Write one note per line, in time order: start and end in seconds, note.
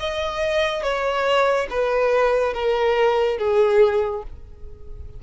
0.00 0.83 D#5
0.83 1.67 C#5
1.70 2.54 B4
2.54 3.38 A#4
3.38 4.23 G#4